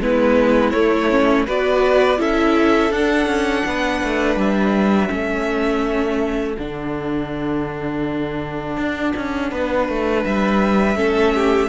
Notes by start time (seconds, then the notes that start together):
0.00 G#3 B3 E4 B4
0.70 A3 C#5
1.10 C#4
1.46 B3 F#4 B4 D5
2.18 C#4 E4 A4 E5
2.91 D4 F#5
3.27 C#4
3.66 B3 B4
4.04 A3
4.36 G3 E5
5.09 A3 C#4 A4
6.59 D3 D4 F#5
8.77 D4
9.16 C#4
9.51 B3 B4
9.89 A3
10.25 G3 E5
10.95 A3 C#4 A4
11.35 G4